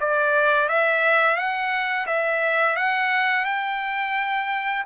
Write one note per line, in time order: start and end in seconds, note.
0.00 0.69 D5
0.69 1.37 E5
1.37 2.06 F#5
2.07 2.76 E5
2.76 3.45 F#5
3.45 4.85 G5